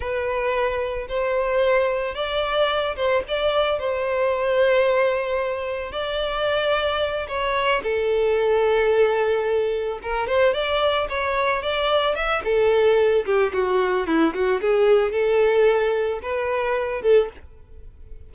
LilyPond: \new Staff \with { instrumentName = "violin" } { \time 4/4 \tempo 4 = 111 b'2 c''2 | d''4. c''8 d''4 c''4~ | c''2. d''4~ | d''4. cis''4 a'4.~ |
a'2~ a'8 ais'8 c''8 d''8~ | d''8 cis''4 d''4 e''8 a'4~ | a'8 g'8 fis'4 e'8 fis'8 gis'4 | a'2 b'4. a'8 | }